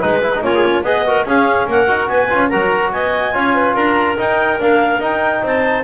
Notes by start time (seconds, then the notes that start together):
0.00 G#3 D#4 B4
0.23 E4
0.35 D#4
0.42 A#3 C#4 F4 C#5
0.54 G#4
0.65 C#4
0.83 B3 G#4 B4 D#5
1.06 F#4 A#4
1.25 C#4 G#4 F5
1.68 A#3 A#4 F#5
1.88 D#4 F#4
2.09 B3 B4 G#5
2.30 C#4 F4
2.49 F#3 F#4 A#4 A#5
2.92 B3 D#5 G#5
3.34 C#4 F4 C#5
3.55 B4
3.74 D4 A#4 A#5
4.18 D#4 G5
4.60 A#3 D4 F5
5.00 D#4 G5
5.43 C4 C5 A5